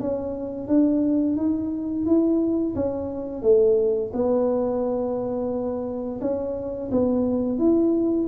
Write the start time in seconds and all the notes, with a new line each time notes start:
0.00 C#4
0.67 D4
1.36 D#4
2.06 E4
2.75 C#4
3.42 A3
4.13 B3
6.21 C#4
6.91 B3
7.59 E4